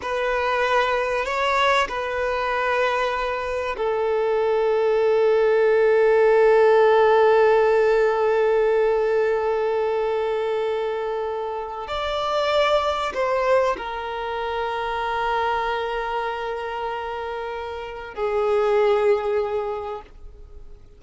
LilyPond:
\new Staff \with { instrumentName = "violin" } { \time 4/4 \tempo 4 = 96 b'2 cis''4 b'4~ | b'2 a'2~ | a'1~ | a'1~ |
a'2. d''4~ | d''4 c''4 ais'2~ | ais'1~ | ais'4 gis'2. | }